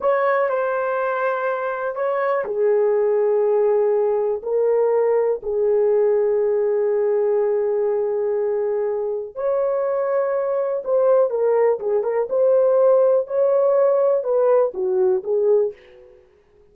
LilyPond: \new Staff \with { instrumentName = "horn" } { \time 4/4 \tempo 4 = 122 cis''4 c''2. | cis''4 gis'2.~ | gis'4 ais'2 gis'4~ | gis'1~ |
gis'2. cis''4~ | cis''2 c''4 ais'4 | gis'8 ais'8 c''2 cis''4~ | cis''4 b'4 fis'4 gis'4 | }